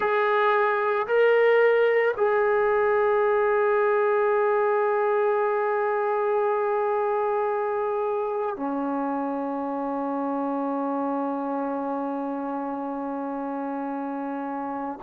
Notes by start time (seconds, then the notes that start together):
0.00 G#4
1.07 A#4
2.16 G#4
8.56 C#4